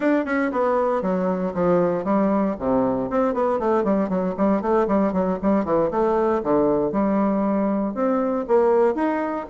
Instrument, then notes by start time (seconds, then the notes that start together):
bassoon
0.00 D4
0.25 C#4
0.51 B3
1.02 F#3
1.54 F3
2.04 G3
2.59 C3
3.09 C4
3.34 B3
3.59 A3
3.83 G3
4.09 F#3
4.37 G3
4.61 A3
4.87 G3
5.12 F#3
5.42 G3
5.64 E3
5.90 A3
6.43 D3
6.92 G3
7.94 C4
8.47 A#3
8.94 D#4